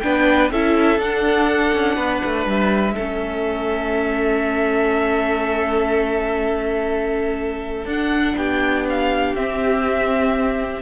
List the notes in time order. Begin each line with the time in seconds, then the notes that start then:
0.00 B3 D4 B4 G5
0.51 C#4 E4 A4 E5
0.98 D4 F#5
1.73 C#4
1.96 B3 B4
2.25 A3
2.46 G3 E5
2.95 A3 C#4 A4
7.85 D4 F#5
8.36 B3 G4 G5
8.89 F5
9.35 C4 E5